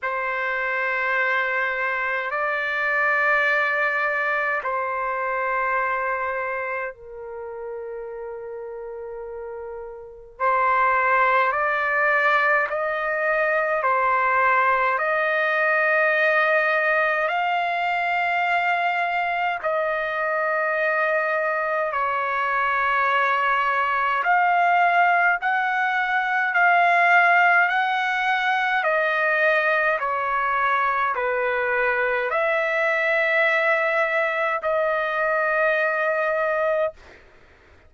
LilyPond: \new Staff \with { instrumentName = "trumpet" } { \time 4/4 \tempo 4 = 52 c''2 d''2 | c''2 ais'2~ | ais'4 c''4 d''4 dis''4 | c''4 dis''2 f''4~ |
f''4 dis''2 cis''4~ | cis''4 f''4 fis''4 f''4 | fis''4 dis''4 cis''4 b'4 | e''2 dis''2 | }